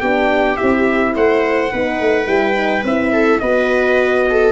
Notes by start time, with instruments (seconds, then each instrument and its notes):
0.00 tuba B3, horn D4, viola G4, trumpet G5
0.56 tuba C4, horn E4, trumpet E5
1.15 tuba A3, viola C5, trumpet F#5
1.71 tuba B3, horn D#4, viola B4
2.00 tuba A3
2.24 tuba G3, horn E4, trumpet G5
2.53 horn D#4
2.83 tuba C4, horn E4, trumpet E5
3.12 viola A4
3.39 tuba B3, horn F#4, viola B4, trumpet D#5
4.30 viola A4